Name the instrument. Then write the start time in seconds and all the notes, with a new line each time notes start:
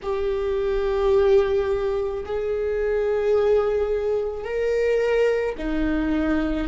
viola
0.02 G4
2.25 G#4
4.43 A#4
5.58 D#4